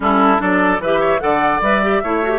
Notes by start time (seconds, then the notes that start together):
0.00 G3 C#4 E4 A4
0.37 F#3 D4 A4 D5
0.79 E3 G4 B4 E5
0.99 C#5
1.19 D3 A4 D5 F#5
1.60 G3 B4 E5
1.83 G4
2.03 A3 E4 C#5
2.23 F#4
2.30 G4